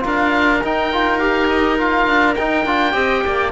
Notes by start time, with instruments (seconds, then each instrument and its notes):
0.00 cello D4, trombone F4, oboe A#4 F5
0.63 trombone D#4, cello D#4, oboe G5
0.93 trombone F4
1.19 trombone G4, oboe F5
1.49 oboe D#5
1.78 trombone F4, oboe F5
2.07 cello D4
2.35 cello D#4, trombone D#4, oboe G5
2.65 cello D4, trombone F4
2.92 cello C4, trombone G4, oboe D#5
3.26 cello A#3, oboe D5